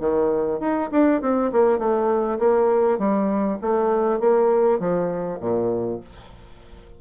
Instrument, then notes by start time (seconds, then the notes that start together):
bassoon
0.00 D#3
0.60 D#4
0.92 D4
1.22 C4
1.53 A#3
1.79 A3
2.39 A#3
2.99 G3
3.62 A3
4.20 A#3
4.80 F3
5.41 A#2